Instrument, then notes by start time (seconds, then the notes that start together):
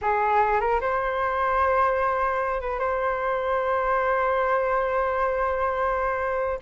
flute
0.01 G#4
0.60 A#4
0.81 C5
2.60 B4
2.79 C5